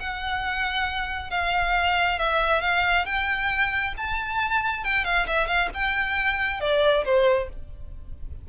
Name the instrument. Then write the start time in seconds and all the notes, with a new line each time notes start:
violin
0.00 F#5
1.31 F5
2.19 E5
2.62 F5
3.06 G5
3.97 A5
4.84 G5
5.05 F5
5.27 E5
5.48 F5
5.75 G5
6.61 D5
7.05 C5